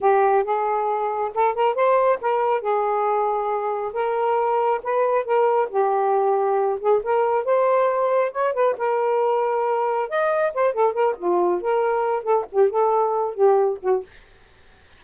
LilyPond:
\new Staff \with { instrumentName = "saxophone" } { \time 4/4 \tempo 4 = 137 g'4 gis'2 a'8 ais'8 | c''4 ais'4 gis'2~ | gis'4 ais'2 b'4 | ais'4 g'2~ g'8 gis'8 |
ais'4 c''2 cis''8 b'8 | ais'2. dis''4 | c''8 a'8 ais'8 f'4 ais'4. | a'8 g'8 a'4. g'4 fis'8 | }